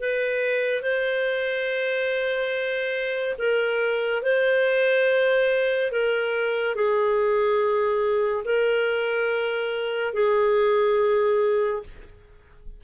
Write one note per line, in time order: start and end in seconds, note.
0.00 0.82 B4
0.82 3.36 C5
3.38 4.23 A#4
4.23 5.92 C5
5.92 6.75 A#4
6.75 8.44 G#4
8.45 10.14 A#4
10.14 11.83 G#4